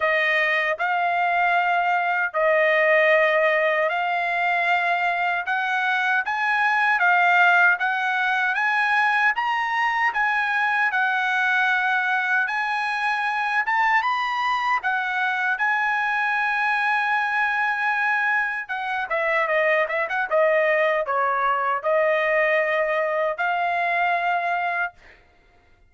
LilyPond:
\new Staff \with { instrumentName = "trumpet" } { \time 4/4 \tempo 4 = 77 dis''4 f''2 dis''4~ | dis''4 f''2 fis''4 | gis''4 f''4 fis''4 gis''4 | ais''4 gis''4 fis''2 |
gis''4. a''8 b''4 fis''4 | gis''1 | fis''8 e''8 dis''8 e''16 fis''16 dis''4 cis''4 | dis''2 f''2 | }